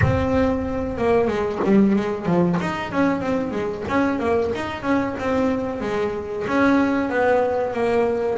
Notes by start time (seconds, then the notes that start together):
0.01 C4
0.97 A#3
1.27 G#3
1.64 G3
1.95 G#3
2.26 F3
2.60 D#4
2.91 C#4
3.21 C4
3.51 G#3
3.88 C#4
4.19 A#3
4.55 D#4
4.82 C#4
5.19 C4
5.81 G#3
6.47 C#4
7.09 B3
7.73 A#3